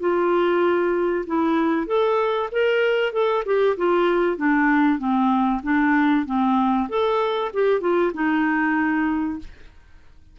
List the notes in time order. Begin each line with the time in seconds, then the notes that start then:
0.00 F4
1.27 E4
1.87 A4
2.52 A#4
3.12 A4
3.45 G4
3.77 F4
4.37 D4
4.99 C4
5.63 D4
6.26 C4
6.89 A4
7.53 G4
7.81 F4
8.14 D#4